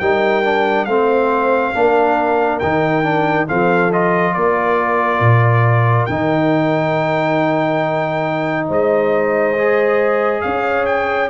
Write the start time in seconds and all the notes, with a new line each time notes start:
0.00 G3 D#4 A#4 G5
0.44 D4
0.85 A3 C4 C5 F5
1.74 A#3 D4 A#4
2.60 D#3 D#4 G5
3.04 D4
3.48 F3 C4 A4 F5
3.93 F4 D#5
4.34 A#3 A#4 D5
5.20 A#2
6.06 D#3 D#4 G5
8.68 G#3 C5 D#5
9.58 G#4
10.42 C#4 C#5 F5
10.86 G5